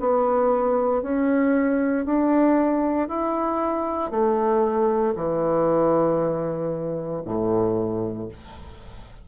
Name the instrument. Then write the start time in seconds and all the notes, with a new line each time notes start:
bassoon
0.00 B3
1.03 C#4
2.05 D4
3.09 E4
4.11 A3
5.16 E3
7.25 A2